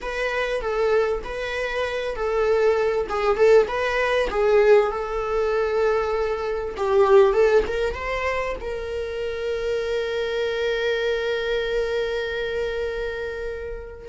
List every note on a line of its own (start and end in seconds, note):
0.01 0.61 B4
0.61 1.22 A4
1.24 2.15 B4
2.15 3.07 A4
3.09 3.36 G#4
3.36 3.67 A4
3.67 4.29 B4
4.29 4.91 G#4
4.91 6.75 A4
6.77 7.33 G4
7.33 7.63 A4
7.67 7.94 A#4
7.94 8.55 C5
8.60 14.08 A#4